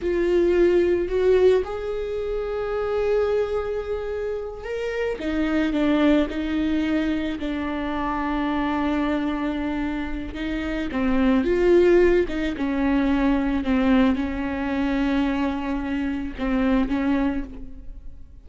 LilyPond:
\new Staff \with { instrumentName = "viola" } { \time 4/4 \tempo 4 = 110 f'2 fis'4 gis'4~ | gis'1~ | gis'8 ais'4 dis'4 d'4 dis'8~ | dis'4. d'2~ d'8~ |
d'2. dis'4 | c'4 f'4. dis'8 cis'4~ | cis'4 c'4 cis'2~ | cis'2 c'4 cis'4 | }